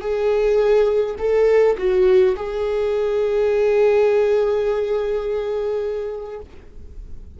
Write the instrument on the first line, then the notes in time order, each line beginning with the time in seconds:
viola
0.00 G#4
1.19 A4
1.78 F#4
2.36 G#4